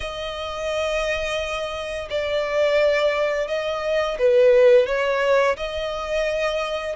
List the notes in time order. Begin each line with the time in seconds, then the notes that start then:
0.00 D#5
2.10 D5
3.47 D#5
4.19 B4
4.86 C#5
5.57 D#5